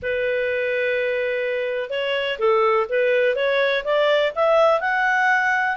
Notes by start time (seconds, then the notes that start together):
0.02 B4
1.90 C#5
2.38 A4
2.89 B4
3.35 C#5
3.84 D5
4.35 E5
4.80 F#5